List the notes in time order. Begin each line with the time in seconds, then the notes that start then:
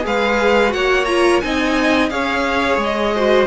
0.00 G#3 G#4
0.06 B4 F5
0.68 A#3 F#4 F#5
0.74 C#5
1.05 F4 A#5
1.40 C4 D#4 D#5 G#5
2.09 C#4 G#4 C#5 F5
2.77 G#3
2.83 D#5
3.15 F#4 C5